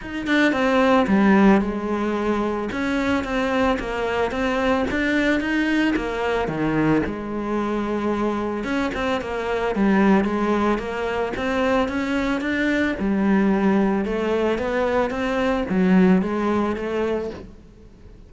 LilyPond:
\new Staff \with { instrumentName = "cello" } { \time 4/4 \tempo 4 = 111 dis'8 d'8 c'4 g4 gis4~ | gis4 cis'4 c'4 ais4 | c'4 d'4 dis'4 ais4 | dis4 gis2. |
cis'8 c'8 ais4 g4 gis4 | ais4 c'4 cis'4 d'4 | g2 a4 b4 | c'4 fis4 gis4 a4 | }